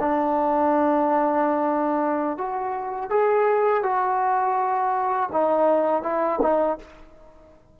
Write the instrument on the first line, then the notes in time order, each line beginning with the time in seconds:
trombone
0.00 D4
2.37 F#4
3.10 G#4
3.83 F#4
5.32 D#4
6.03 E4
6.42 D#4